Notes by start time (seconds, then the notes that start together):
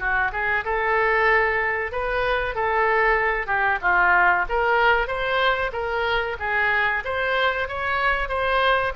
0.00 F#4
0.33 G#4
0.65 A4
1.92 B4
2.56 A4
3.47 G4
3.82 F4
4.50 A#4
5.08 C5
5.73 A#4
6.40 G#4
7.05 C5
7.69 C#5
8.29 C5